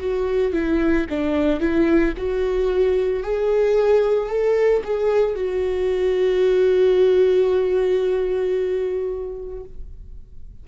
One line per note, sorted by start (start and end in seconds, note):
0.00 0.53 F#4
0.53 1.07 E4
1.10 1.60 D4
1.60 2.14 E4
2.18 3.23 F#4
3.23 4.30 G#4
4.30 4.83 A4
4.84 5.36 G#4
5.36 9.64 F#4